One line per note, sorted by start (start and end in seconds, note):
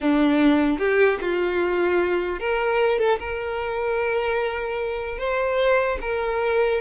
0.01 0.78 D4
0.78 1.18 G4
1.21 2.39 F4
2.39 2.98 A#4
2.98 3.18 A4
3.19 5.18 A#4
5.18 5.98 C5
6.01 6.81 A#4